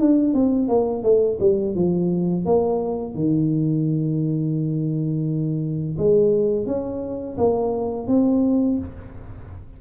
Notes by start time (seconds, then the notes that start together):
0.00 D4
0.34 C4
0.68 A#3
1.03 A3
1.40 G3
1.75 F3
2.45 A#3
3.15 D#3
5.98 G#3
6.66 C#4
7.37 A#3
8.07 C4